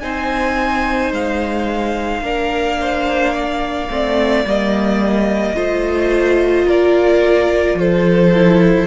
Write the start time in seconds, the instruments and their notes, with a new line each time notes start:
0.00 cello C4, viola D#4, violin C5 G#5
1.11 cello G#3, violin F5
2.22 cello A#3, viola D4, violin A#4
2.81 violin C5
3.33 violin D5
3.90 cello A3, viola C4
4.44 cello G3, viola A#3, violin D#5
5.55 cello A3, viola F4, violin C5
6.65 cello A#3, violin A#4 D5
7.74 cello F3, violin A4 C5
8.33 viola E4